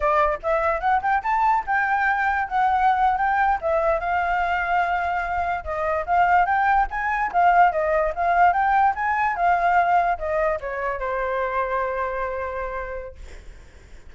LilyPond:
\new Staff \with { instrumentName = "flute" } { \time 4/4 \tempo 4 = 146 d''4 e''4 fis''8 g''8 a''4 | g''2 fis''4.~ fis''16 g''16~ | g''8. e''4 f''2~ f''16~ | f''4.~ f''16 dis''4 f''4 g''16~ |
g''8. gis''4 f''4 dis''4 f''16~ | f''8. g''4 gis''4 f''4~ f''16~ | f''8. dis''4 cis''4 c''4~ c''16~ | c''1 | }